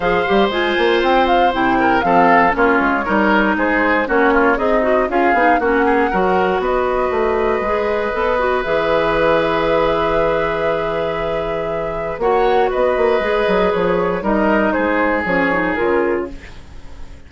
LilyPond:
<<
  \new Staff \with { instrumentName = "flute" } { \time 4/4 \tempo 4 = 118 f''4 gis''4 g''8 f''8 g''4 | f''4 cis''2 c''4 | cis''4 dis''4 f''4 fis''4~ | fis''4 dis''2.~ |
dis''4 e''2.~ | e''1 | fis''4 dis''2 cis''4 | dis''4 c''4 cis''4 ais'4 | }
  \new Staff \with { instrumentName = "oboe" } { \time 4/4 c''2.~ c''8 ais'8 | a'4 f'4 ais'4 gis'4 | fis'8 f'8 dis'4 gis'4 fis'8 gis'8 | ais'4 b'2.~ |
b'1~ | b'1 | cis''4 b'2. | ais'4 gis'2. | }
  \new Staff \with { instrumentName = "clarinet" } { \time 4/4 gis'8 g'8 f'2 e'4 | c'4 cis'4 dis'2 | cis'4 gis'8 fis'8 f'8 dis'8 cis'4 | fis'2. gis'4 |
a'8 fis'8 gis'2.~ | gis'1 | fis'2 gis'2 | dis'2 cis'8 dis'8 f'4 | }
  \new Staff \with { instrumentName = "bassoon" } { \time 4/4 f8 g8 gis8 ais8 c'4 c4 | f4 ais8 gis8 g4 gis4 | ais4 c'4 cis'8 b8 ais4 | fis4 b4 a4 gis4 |
b4 e2.~ | e1 | ais4 b8 ais8 gis8 fis8 f4 | g4 gis4 f4 cis4 | }
>>